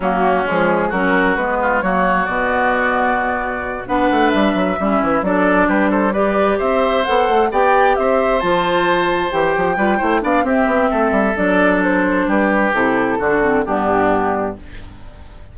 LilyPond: <<
  \new Staff \with { instrumentName = "flute" } { \time 4/4 \tempo 4 = 132 fis'4 gis'4 ais'4 b'4 | cis''4 d''2.~ | d''8 fis''4 e''2 d''8~ | d''8 b'8 c''8 d''4 e''4 fis''8~ |
fis''8 g''4 e''4 a''4.~ | a''8 g''2 f''8 e''4~ | e''4 d''4 c''4 b'4 | a'2 g'2 | }
  \new Staff \with { instrumentName = "oboe" } { \time 4/4 cis'2 fis'4. f'8 | fis'1~ | fis'8 b'2 e'4 a'8~ | a'8 g'8 a'8 b'4 c''4.~ |
c''8 d''4 c''2~ c''8~ | c''4. b'8 c''8 d''8 g'4 | a'2. g'4~ | g'4 fis'4 d'2 | }
  \new Staff \with { instrumentName = "clarinet" } { \time 4/4 ais4 gis4 cis'4 b4 | ais4 b2.~ | b8 d'2 cis'4 d'8~ | d'4. g'2 a'8~ |
a'8 g'2 f'4.~ | f'8 g'4 f'8 e'8 d'8 c'4~ | c'4 d'2. | e'4 d'8 c'8 b2 | }
  \new Staff \with { instrumentName = "bassoon" } { \time 4/4 fis4 f4 fis4 gis4 | fis4 b,2.~ | b,8 b8 a8 g8 fis8 g8 e8 fis8~ | fis8 g2 c'4 b8 |
a8 b4 c'4 f4.~ | f8 e8 f8 g8 a8 b8 c'8 b8 | a8 g8 fis2 g4 | c4 d4 g,2 | }
>>